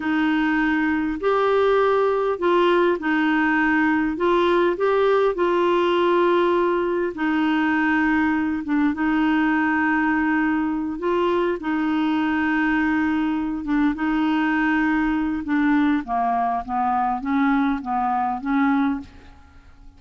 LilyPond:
\new Staff \with { instrumentName = "clarinet" } { \time 4/4 \tempo 4 = 101 dis'2 g'2 | f'4 dis'2 f'4 | g'4 f'2. | dis'2~ dis'8 d'8 dis'4~ |
dis'2~ dis'8 f'4 dis'8~ | dis'2. d'8 dis'8~ | dis'2 d'4 ais4 | b4 cis'4 b4 cis'4 | }